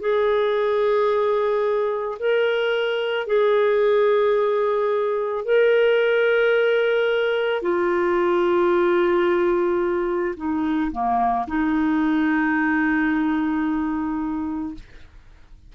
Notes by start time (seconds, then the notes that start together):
0.00 G#4
2.19 A#4
3.27 G#4
5.45 A#4
7.62 F4
10.36 D#4
10.91 A#3
11.47 D#4